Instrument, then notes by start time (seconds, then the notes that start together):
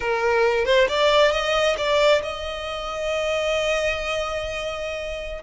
violin
0.00 A#4
0.65 C5
0.88 D5
1.31 D#5
1.77 D5
2.22 D#5